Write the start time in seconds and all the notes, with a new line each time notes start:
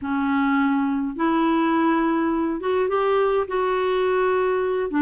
0.01 C#4
1.16 E4
2.60 F#4
2.88 G4
3.47 F#4
4.90 D4